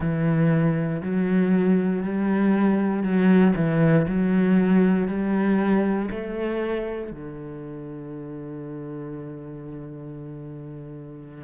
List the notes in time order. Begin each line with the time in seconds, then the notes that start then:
0.00 E3
1.02 F#3
2.02 G3
3.03 F#3
3.55 E3
4.07 F#3
5.07 G3
6.11 A3
7.11 D3